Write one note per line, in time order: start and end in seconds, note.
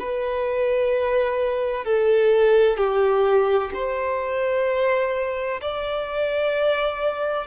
0.00 1.85 B4
1.85 2.77 A4
2.77 3.71 G4
3.74 5.61 C5
5.62 7.47 D5